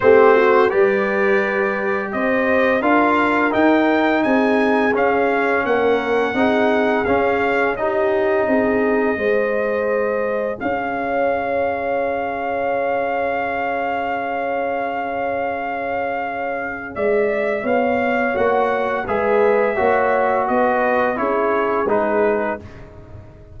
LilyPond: <<
  \new Staff \with { instrumentName = "trumpet" } { \time 4/4 \tempo 4 = 85 c''4 d''2 dis''4 | f''4 g''4 gis''4 f''4 | fis''2 f''4 dis''4~ | dis''2. f''4~ |
f''1~ | f''1 | e''4 f''4 fis''4 e''4~ | e''4 dis''4 cis''4 b'4 | }
  \new Staff \with { instrumentName = "horn" } { \time 4/4 g'8 fis'8 b'2 c''4 | ais'2 gis'2 | ais'4 gis'2 g'4 | gis'4 c''2 cis''4~ |
cis''1~ | cis''1 | d''4 cis''2 b'4 | cis''4 b'4 gis'2 | }
  \new Staff \with { instrumentName = "trombone" } { \time 4/4 c'4 g'2. | f'4 dis'2 cis'4~ | cis'4 dis'4 cis'4 dis'4~ | dis'4 gis'2.~ |
gis'1~ | gis'1~ | gis'2 fis'4 gis'4 | fis'2 e'4 dis'4 | }
  \new Staff \with { instrumentName = "tuba" } { \time 4/4 a4 g2 c'4 | d'4 dis'4 c'4 cis'4 | ais4 c'4 cis'2 | c'4 gis2 cis'4~ |
cis'1~ | cis'1 | gis4 b4 ais4 gis4 | ais4 b4 cis'4 gis4 | }
>>